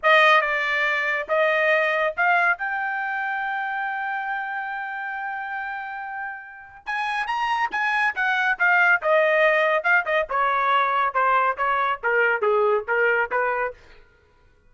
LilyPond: \new Staff \with { instrumentName = "trumpet" } { \time 4/4 \tempo 4 = 140 dis''4 d''2 dis''4~ | dis''4 f''4 g''2~ | g''1~ | g''1 |
gis''4 ais''4 gis''4 fis''4 | f''4 dis''2 f''8 dis''8 | cis''2 c''4 cis''4 | ais'4 gis'4 ais'4 b'4 | }